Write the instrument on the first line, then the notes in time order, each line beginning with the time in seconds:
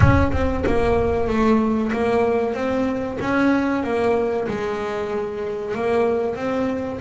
double bass
0.00 C#4
0.32 C4
0.66 A#3
1.27 A3
1.92 A#3
2.54 C4
3.20 C#4
3.83 A#3
4.48 G#3
5.74 A#3
6.35 C4